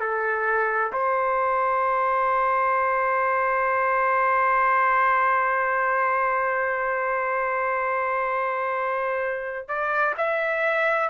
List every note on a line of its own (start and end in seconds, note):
0.00 0.92 A4
0.93 9.69 C5
9.69 10.15 D5
10.17 11.10 E5